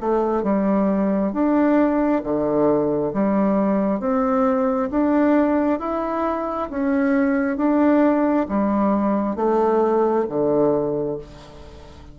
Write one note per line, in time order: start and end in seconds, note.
0.00 0.43 A3
0.43 1.33 G3
1.33 2.22 D4
2.23 3.13 D3
3.13 4.00 G3
4.00 4.89 C4
4.91 5.80 D4
5.80 6.69 E4
6.70 7.57 C#4
7.57 8.47 D4
8.48 9.36 G3
9.36 10.25 A3
10.29 11.18 D3